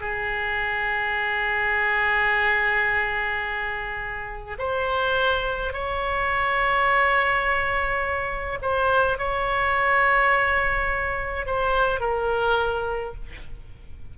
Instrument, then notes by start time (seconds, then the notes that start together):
oboe
0.00 G#4
4.58 C5
5.73 C#5
8.62 C5
9.18 C#5
11.46 C5
12.00 A#4